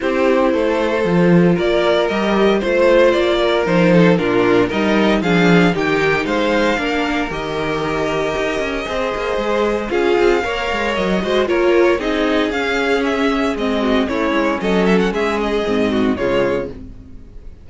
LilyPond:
<<
  \new Staff \with { instrumentName = "violin" } { \time 4/4 \tempo 4 = 115 c''2. d''4 | dis''4 c''4 d''4 c''4 | ais'4 dis''4 f''4 g''4 | f''2 dis''2~ |
dis''2. f''4~ | f''4 dis''4 cis''4 dis''4 | f''4 e''4 dis''4 cis''4 | dis''8 e''16 fis''16 e''8 dis''4. cis''4 | }
  \new Staff \with { instrumentName = "violin" } { \time 4/4 g'4 a'2 ais'4~ | ais'4 c''4. ais'4 a'8 | f'4 ais'4 gis'4 g'4 | c''4 ais'2.~ |
ais'4 c''2 gis'4 | cis''4. c''8 ais'4 gis'4~ | gis'2~ gis'8 fis'8 e'4 | a'4 gis'4. fis'8 f'4 | }
  \new Staff \with { instrumentName = "viola" } { \time 4/4 e'2 f'2 | g'4 f'2 dis'4 | d'4 dis'4 d'4 dis'4~ | dis'4 d'4 g'2~ |
g'4 gis'2 f'4 | ais'4. fis'8 f'4 dis'4 | cis'2 c'4 cis'4~ | cis'2 c'4 gis4 | }
  \new Staff \with { instrumentName = "cello" } { \time 4/4 c'4 a4 f4 ais4 | g4 a4 ais4 f4 | ais,4 g4 f4 dis4 | gis4 ais4 dis2 |
dis'8 cis'8 c'8 ais8 gis4 cis'8 c'8 | ais8 gis8 fis8 gis8 ais4 c'4 | cis'2 gis4 a8 gis8 | fis4 gis4 gis,4 cis4 | }
>>